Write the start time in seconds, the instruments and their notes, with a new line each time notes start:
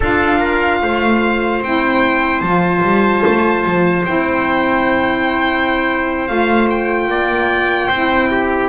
0.00 double bass D4, saxophone F4, trumpet A4, violin F5
0.38 trumpet A#4
0.82 double bass A3, trumpet C5
1.61 double bass C4, saxophone E4, violin G5
2.41 double bass F3, saxophone F4, violin A5
2.83 double bass G3
3.26 double bass A3
3.65 double bass F3
4.05 double bass C4, saxophone E4, violin G5
6.27 double bass A3, saxophone F4, violin F5
6.70 violin G5
7.07 double bass A#3, trumpet D5
7.87 double bass C4, saxophone E4, trumpet C5
8.30 trumpet G4